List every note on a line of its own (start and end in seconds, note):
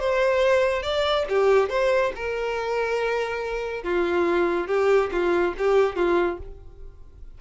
0.00 0.83 C5
0.83 1.26 D5
1.29 1.70 G4
1.70 2.12 C5
2.16 3.84 A#4
3.84 4.68 F4
4.68 5.10 G4
5.12 5.54 F4
5.58 5.96 G4
5.96 6.38 F4